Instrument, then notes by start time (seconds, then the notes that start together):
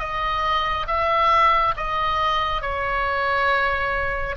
oboe
0.00 D#5
0.88 E5
1.77 D#5
2.62 C#5